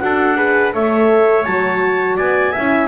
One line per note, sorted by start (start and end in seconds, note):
0.00 0.75 D4
0.00 0.36 F#4
0.00 0.37 A4
0.00 0.72 F#5
0.37 0.73 G#4
0.37 0.74 B4
0.73 1.46 A3
0.73 1.45 A4
0.73 2.17 C#5
0.73 1.44 E5
1.44 2.19 F#3
1.44 2.56 F#4
1.44 2.17 A5
2.17 2.56 B3
2.17 2.52 D5
2.17 2.89 G#5
2.52 2.89 C#4
2.52 2.89 E4
2.52 2.88 E5